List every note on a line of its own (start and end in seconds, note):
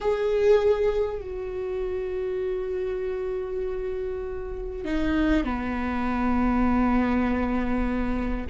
0.00 1.21 G#4
1.21 4.84 F#4
4.85 5.44 D#4
5.44 8.47 B3